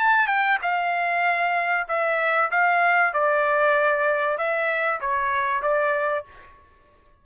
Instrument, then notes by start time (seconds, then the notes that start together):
trumpet
0.00 A5
0.28 G5
0.63 F5
1.88 E5
2.51 F5
3.14 D5
4.38 E5
5.01 C#5
5.63 D5